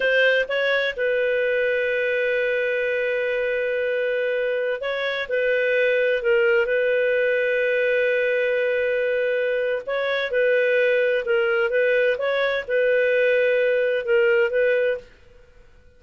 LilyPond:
\new Staff \with { instrumentName = "clarinet" } { \time 4/4 \tempo 4 = 128 c''4 cis''4 b'2~ | b'1~ | b'2~ b'16 cis''4 b'8.~ | b'4~ b'16 ais'4 b'4.~ b'16~ |
b'1~ | b'4 cis''4 b'2 | ais'4 b'4 cis''4 b'4~ | b'2 ais'4 b'4 | }